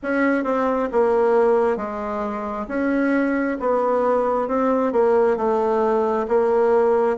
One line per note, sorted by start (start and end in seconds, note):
0.02 0.44 C#4
0.44 0.88 C4
0.92 1.77 A#3
1.77 2.66 G#3
2.68 3.57 C#4
3.60 4.48 B3
4.48 4.92 C4
4.92 5.36 A#3
5.36 6.26 A3
6.27 7.17 A#3